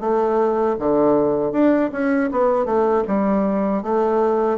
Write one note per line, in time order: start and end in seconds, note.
0.00 0.76 A3
0.79 1.52 D3
1.52 1.90 D4
1.92 2.30 C#4
2.31 2.65 B3
2.65 3.03 A3
3.08 3.83 G3
3.83 4.58 A3